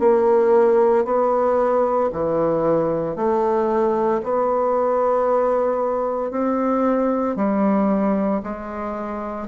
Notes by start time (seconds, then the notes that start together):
0.00 A#3
1.05 B3
2.12 E3
3.16 A3
4.23 B3
6.31 C4
7.36 G3
8.44 G#3